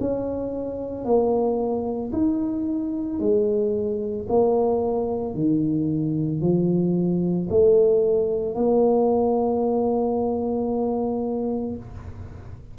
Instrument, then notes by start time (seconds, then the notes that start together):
tuba
0.00 C#4
1.04 A#3
2.12 D#4
3.19 G#3
4.29 A#3
5.34 D#3
6.41 F3
7.50 A3
8.55 A#3